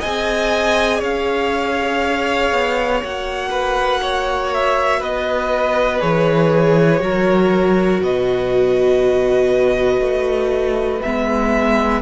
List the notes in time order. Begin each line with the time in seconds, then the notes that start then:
0.00 C4 G#4 D#5 G#5
0.99 C#4 C#5 F5
2.52 B3
3.02 A#3 F#4 F#5
3.50 B4
4.02 C#5
4.54 E5
5.00 B3 B4 D#5
6.00 E3 G#4 C#5
7.00 F#3 F#4 A#4
8.01 B2 B4 D#5
10.00 A3
11.02 G#3 B3 E5